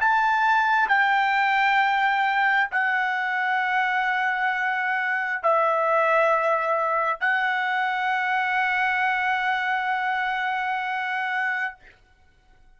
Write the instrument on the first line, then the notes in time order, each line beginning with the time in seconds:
trumpet
0.00 A5
0.88 G5
2.71 F#5
5.43 E5
7.20 F#5